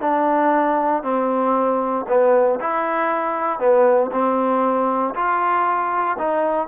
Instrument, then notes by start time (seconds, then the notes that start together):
trombone
0.00 D4
1.03 C4
2.08 B3
2.60 E4
3.59 B3
4.11 C4
5.14 F4
6.18 D#4